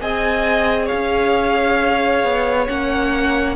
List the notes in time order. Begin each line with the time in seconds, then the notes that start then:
0.00 C4 G#4 D#5 G#5
0.85 C#5 F5
0.92 C#4
2.23 B3
2.67 A#3 C#4 F#5